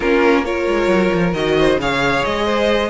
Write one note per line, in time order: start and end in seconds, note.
0.00 0.66 A#3
0.00 0.44 C#4
0.00 0.43 F4
0.00 0.44 A#4
0.44 1.34 F4
0.44 1.57 A#4
0.44 1.33 C#5
0.67 0.87 G#3
0.87 1.10 F#3
1.13 1.32 F3
1.32 1.76 D#3
1.32 1.79 F#4
1.32 1.78 D#5
1.57 1.80 C5
1.76 2.21 C#3
1.76 2.90 G#4
1.76 2.45 C#5
1.76 2.24 F5
2.24 2.90 G#3
2.24 2.90 D#5
2.45 2.90 C5